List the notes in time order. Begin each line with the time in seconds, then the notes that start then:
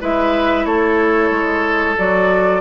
0.00 G#3 E4 B4 E5
0.65 A3 A4 C#5
1.30 G#3
1.98 F#3 F#4 D5